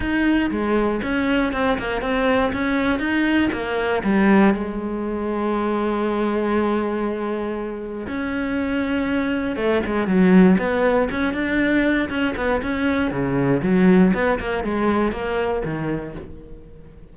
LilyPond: \new Staff \with { instrumentName = "cello" } { \time 4/4 \tempo 4 = 119 dis'4 gis4 cis'4 c'8 ais8 | c'4 cis'4 dis'4 ais4 | g4 gis2.~ | gis1 |
cis'2. a8 gis8 | fis4 b4 cis'8 d'4. | cis'8 b8 cis'4 cis4 fis4 | b8 ais8 gis4 ais4 dis4 | }